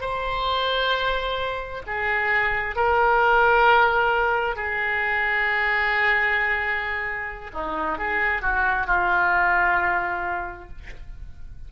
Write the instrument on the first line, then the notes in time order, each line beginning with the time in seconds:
oboe
0.00 C5
1.86 G#4
2.75 A#4
4.55 G#4
7.53 D#4
7.98 G#4
8.42 F#4
8.86 F4